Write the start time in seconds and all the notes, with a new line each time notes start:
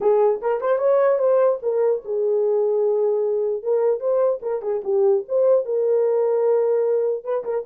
0.00 G#4
0.41 A#4
0.61 C5
0.78 C#5
1.18 C5
1.62 A#4
2.04 G#4
3.63 A#4
3.99 C5
4.42 A#4
4.62 G#4
4.84 G4
5.28 C5
5.65 A#4
7.23 B4
7.44 A#4